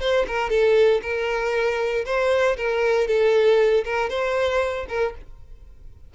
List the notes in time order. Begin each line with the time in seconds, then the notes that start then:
0.00 C5
0.27 A#4
0.49 A4
1.02 A#4
2.05 C5
2.57 A#4
3.07 A4
3.84 A#4
4.09 C5
4.88 A#4